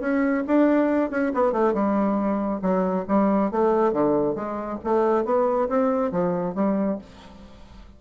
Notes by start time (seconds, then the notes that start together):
0.00 C#4
0.47 D4
1.10 C#4
1.34 B3
1.52 A3
1.74 G3
2.62 F#3
3.08 G3
3.51 A3
3.93 D3
4.35 G#3
4.84 A3
5.25 B3
5.69 C4
6.12 F3
6.55 G3